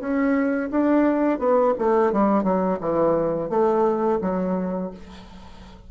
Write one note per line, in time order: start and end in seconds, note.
0.00 0.70 C#4
0.71 1.39 D4
1.39 1.73 B3
1.78 2.12 A3
2.12 2.44 G3
2.44 2.78 F#3
2.80 3.49 E3
3.49 4.19 A3
4.21 4.91 F#3